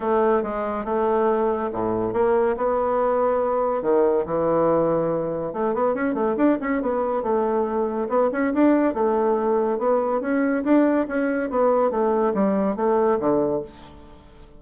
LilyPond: \new Staff \with { instrumentName = "bassoon" } { \time 4/4 \tempo 4 = 141 a4 gis4 a2 | a,4 ais4 b2~ | b4 dis4 e2~ | e4 a8 b8 cis'8 a8 d'8 cis'8 |
b4 a2 b8 cis'8 | d'4 a2 b4 | cis'4 d'4 cis'4 b4 | a4 g4 a4 d4 | }